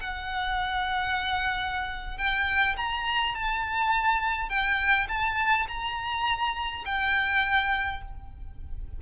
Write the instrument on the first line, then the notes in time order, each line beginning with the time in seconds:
violin
0.00 F#5
2.17 G5
2.76 A#5
3.34 A5
4.49 G5
5.08 A5
5.67 A#5
6.85 G5